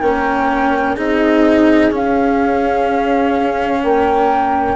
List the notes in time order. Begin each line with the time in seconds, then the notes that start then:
0.00 A#3 C#4 A#4 G5
0.94 C4 D#4 G#4 D#5
1.91 C#4 F5
3.83 A#3 A#4 G5